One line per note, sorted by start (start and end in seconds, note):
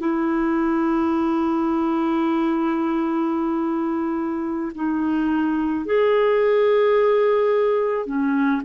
0.00 4.72 E4
4.75 5.86 D#4
5.86 8.07 G#4
8.07 8.62 C#4